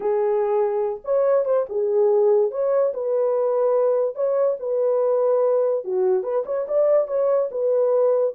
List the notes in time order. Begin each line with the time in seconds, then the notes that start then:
0.00 G#4
1.04 C#5
1.45 C5
1.69 G#4
2.51 C#5
2.93 B4
4.15 C#5
4.59 B4
5.84 F#4
6.23 B4
6.45 C#5
6.67 D5
7.07 C#5
7.51 B4